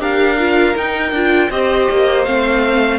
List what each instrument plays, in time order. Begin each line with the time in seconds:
0.00 cello D4, viola G4, violin A#4 F5
0.39 viola F4
0.76 viola D#4, cello D#4, violin G5
1.12 cello D4, viola F4
1.49 cello C4, viola G4, violin C5 D#5
1.91 cello A#3
2.25 cello A3, viola C4, violin F5